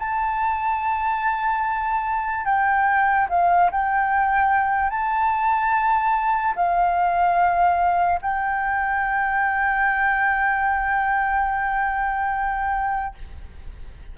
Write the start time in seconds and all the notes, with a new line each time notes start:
0.00 A5
2.46 G5
3.30 F5
3.72 G5
4.91 A5
6.56 F5
8.22 G5